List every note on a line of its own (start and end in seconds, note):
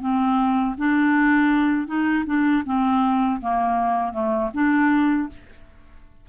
0.00 0.75 C4
0.77 1.86 D4
1.86 2.24 D#4
2.25 2.63 D4
2.65 3.40 C4
3.41 4.12 A#3
4.12 4.50 A3
4.53 5.28 D4